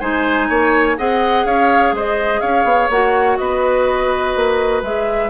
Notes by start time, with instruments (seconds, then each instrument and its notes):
0.00 bassoon G#3, clarinet D#4, oboe C5, flute G#5
0.49 bassoon A#3, oboe C#5
0.97 bassoon C4, clarinet G#4, oboe D#5, flute F#5
1.45 bassoon C#4, oboe C#5, flute F5
1.92 bassoon G#3, oboe C5, flute D#5
2.40 bassoon C#4, oboe C#5, flute F5
2.64 bassoon B3
2.90 bassoon A#3, clarinet F#4, flute F#5
3.37 bassoon B3, oboe B4, flute D#5
4.36 bassoon A#3
4.82 bassoon G#3, clarinet G#4, flute E5